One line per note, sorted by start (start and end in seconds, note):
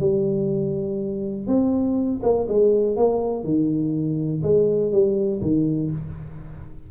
0.00 1.47 G3
1.47 2.21 C4
2.23 2.47 A#3
2.48 2.96 G#3
2.96 3.44 A#3
3.44 4.43 D#3
4.43 4.92 G#3
4.92 5.41 G3
5.42 5.91 D#3